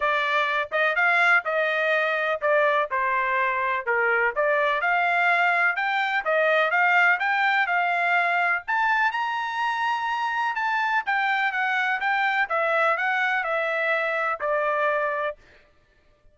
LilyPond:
\new Staff \with { instrumentName = "trumpet" } { \time 4/4 \tempo 4 = 125 d''4. dis''8 f''4 dis''4~ | dis''4 d''4 c''2 | ais'4 d''4 f''2 | g''4 dis''4 f''4 g''4 |
f''2 a''4 ais''4~ | ais''2 a''4 g''4 | fis''4 g''4 e''4 fis''4 | e''2 d''2 | }